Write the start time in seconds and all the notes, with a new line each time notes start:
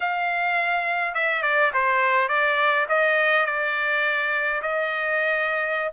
0.00 F5
1.14 E5
1.42 D5
1.73 C5
2.28 D5
2.88 D#5
3.46 D5
4.62 D#5